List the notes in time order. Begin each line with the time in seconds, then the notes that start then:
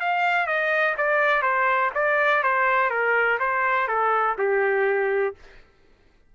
0.00 F5
0.46 D#5
0.97 D5
1.42 C5
1.94 D5
2.43 C5
2.90 A#4
3.39 C5
3.87 A4
4.38 G4